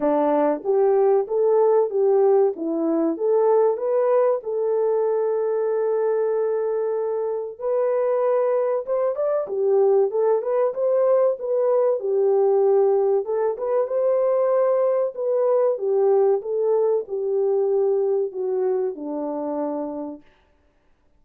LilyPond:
\new Staff \with { instrumentName = "horn" } { \time 4/4 \tempo 4 = 95 d'4 g'4 a'4 g'4 | e'4 a'4 b'4 a'4~ | a'1 | b'2 c''8 d''8 g'4 |
a'8 b'8 c''4 b'4 g'4~ | g'4 a'8 b'8 c''2 | b'4 g'4 a'4 g'4~ | g'4 fis'4 d'2 | }